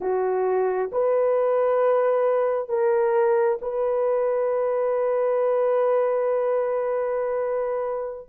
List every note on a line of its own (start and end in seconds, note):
0.00 0.90 F#4
0.92 2.69 B4
2.69 3.58 A#4
3.61 8.28 B4